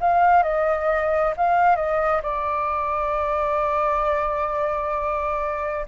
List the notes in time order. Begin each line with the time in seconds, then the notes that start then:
0.00 F5
0.43 D#5
1.36 F5
1.76 D#5
2.22 D5